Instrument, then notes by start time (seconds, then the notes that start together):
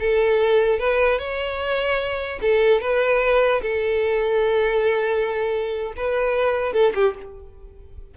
violin
0.00 A4
0.79 B4
1.19 C#5
2.42 A4
2.81 B4
3.62 A4
5.97 B4
6.73 A4
6.95 G4